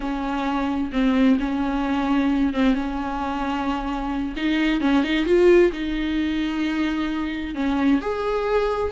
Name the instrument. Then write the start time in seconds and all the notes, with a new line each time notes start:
viola
0.00 C#4
0.92 C4
1.39 C#4
2.53 C4
2.74 C#4
4.36 D#4
4.80 C#4
5.03 D#4
5.25 F4
5.72 D#4
7.54 C#4
8.01 G#4